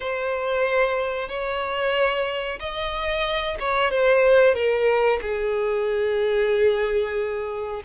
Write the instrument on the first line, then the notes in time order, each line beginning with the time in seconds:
violin
0.00 C5
1.29 C#5
2.59 D#5
3.59 C#5
3.90 C5
4.54 A#4
5.21 G#4